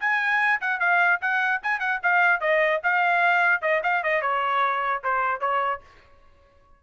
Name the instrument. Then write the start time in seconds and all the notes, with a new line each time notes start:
trumpet
0.00 G#5
0.61 F#5
0.80 F5
1.21 F#5
1.63 G#5
1.80 F#5
2.03 F5
2.41 D#5
2.83 F5
3.61 D#5
3.83 F5
4.03 D#5
4.22 C#5
5.04 C5
5.40 C#5